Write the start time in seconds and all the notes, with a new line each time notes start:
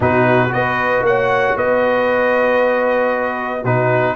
0.00 B2 D#4 F#4 B4
0.48 B3 F#4 B4 D#5
1.01 A#3 C#5 F#5
1.55 B3 B4 D#5
3.61 B2 D#4 F#4 B4